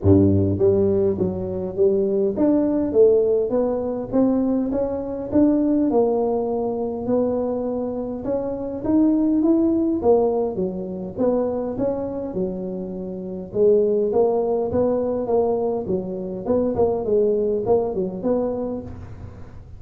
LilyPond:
\new Staff \with { instrumentName = "tuba" } { \time 4/4 \tempo 4 = 102 g,4 g4 fis4 g4 | d'4 a4 b4 c'4 | cis'4 d'4 ais2 | b2 cis'4 dis'4 |
e'4 ais4 fis4 b4 | cis'4 fis2 gis4 | ais4 b4 ais4 fis4 | b8 ais8 gis4 ais8 fis8 b4 | }